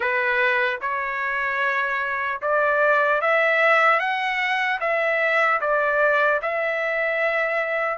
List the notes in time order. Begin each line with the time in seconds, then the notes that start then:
0.00 B4
0.81 C#5
2.41 D5
3.21 E5
3.99 F#5
4.80 E5
5.60 D5
6.41 E5